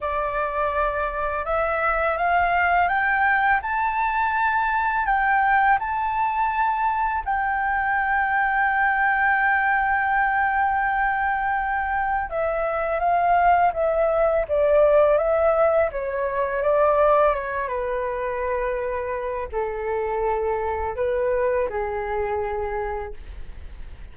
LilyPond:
\new Staff \with { instrumentName = "flute" } { \time 4/4 \tempo 4 = 83 d''2 e''4 f''4 | g''4 a''2 g''4 | a''2 g''2~ | g''1~ |
g''4 e''4 f''4 e''4 | d''4 e''4 cis''4 d''4 | cis''8 b'2~ b'8 a'4~ | a'4 b'4 gis'2 | }